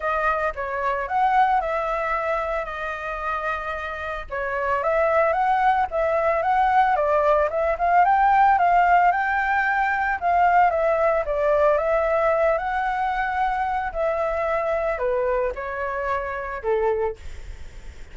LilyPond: \new Staff \with { instrumentName = "flute" } { \time 4/4 \tempo 4 = 112 dis''4 cis''4 fis''4 e''4~ | e''4 dis''2. | cis''4 e''4 fis''4 e''4 | fis''4 d''4 e''8 f''8 g''4 |
f''4 g''2 f''4 | e''4 d''4 e''4. fis''8~ | fis''2 e''2 | b'4 cis''2 a'4 | }